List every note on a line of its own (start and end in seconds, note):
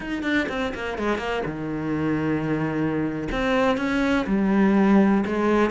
0.00 0.22 D#4
0.22 0.47 D4
0.48 0.73 C4
0.74 0.98 A#3
0.98 1.18 G#3
1.18 1.42 A#3
1.45 3.28 D#3
3.31 3.77 C4
3.77 4.25 C#4
4.26 5.24 G3
5.25 5.70 G#3